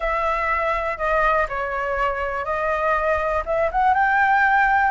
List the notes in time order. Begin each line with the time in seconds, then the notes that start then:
0.00 E5
0.97 D#5
1.48 C#5
2.45 D#5
3.45 E5
3.71 F#5
3.93 G5